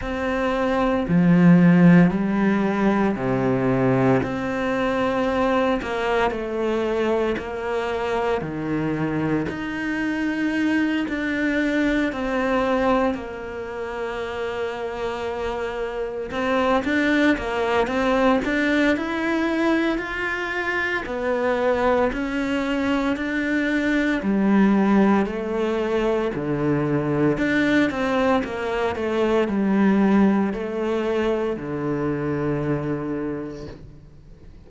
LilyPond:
\new Staff \with { instrumentName = "cello" } { \time 4/4 \tempo 4 = 57 c'4 f4 g4 c4 | c'4. ais8 a4 ais4 | dis4 dis'4. d'4 c'8~ | c'8 ais2. c'8 |
d'8 ais8 c'8 d'8 e'4 f'4 | b4 cis'4 d'4 g4 | a4 d4 d'8 c'8 ais8 a8 | g4 a4 d2 | }